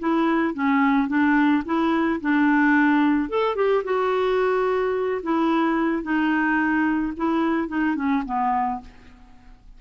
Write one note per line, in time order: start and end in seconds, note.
0.00 0.55 E4
0.55 1.08 C#4
1.08 1.63 D4
1.66 2.21 E4
2.21 3.30 D4
3.30 3.56 A4
3.56 3.84 G4
3.85 5.22 F#4
5.23 6.03 E4
6.03 7.13 D#4
7.17 7.68 E4
7.68 7.96 D#4
7.96 8.23 C#4
8.26 8.81 B3